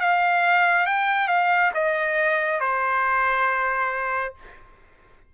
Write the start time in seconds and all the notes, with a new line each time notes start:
0.00 F5
0.86 G5
1.28 F5
1.74 D#5
2.60 C5